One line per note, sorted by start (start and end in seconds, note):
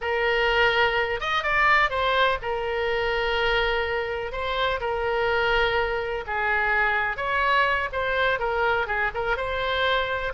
0.01 1.20 A#4
1.20 1.43 D#5
1.43 1.89 D5
1.89 2.37 C5
2.42 4.32 A#4
4.32 4.80 C5
4.80 6.24 A#4
6.26 7.17 G#4
7.17 7.89 C#5
7.92 8.39 C5
8.39 8.86 A#4
8.86 9.10 G#4
9.14 9.36 A#4
9.36 10.32 C5